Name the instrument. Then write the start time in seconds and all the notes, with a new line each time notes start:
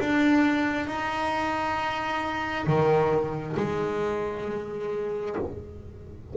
double bass
0.00 D4
0.88 D#4
2.67 D#3
3.57 G#3